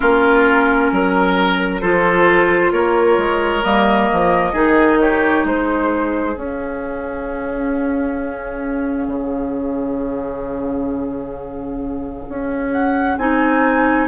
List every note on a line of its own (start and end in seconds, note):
0.00 0.91 A#3
0.00 1.82 C#4
0.00 0.90 F4
0.00 1.80 A#4
0.91 1.81 F#3
0.91 1.81 A#4
1.80 2.72 F3
1.80 3.63 F4
1.80 2.72 A4
1.80 2.71 C5
2.72 3.17 A#3
2.72 4.52 A#4
2.72 3.63 C#5
3.17 3.62 G#3
3.63 4.09 G3
3.63 4.53 A#3
3.63 4.99 D#5
4.12 4.53 F3
4.52 5.44 D#3
4.52 6.34 D#4
4.52 4.98 G#4
5.00 5.46 G4
5.00 5.46 C#5
5.44 6.35 G#3
5.44 14.08 G#4
5.44 6.37 C5
6.34 13.16 C#4
6.34 9.07 C#4
6.34 12.71 F5
9.07 12.26 C#3
12.28 13.17 C#4
12.71 13.17 F#5
13.17 14.08 C4
13.17 14.08 D#4
13.17 14.08 G#5